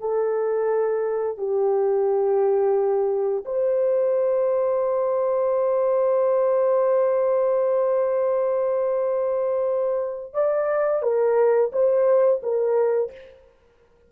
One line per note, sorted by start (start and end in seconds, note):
0.00 1.38 A4
1.38 3.45 G4
3.45 10.34 C5
10.34 11.03 D5
11.03 11.71 A#4
11.72 12.41 C5
12.43 13.12 A#4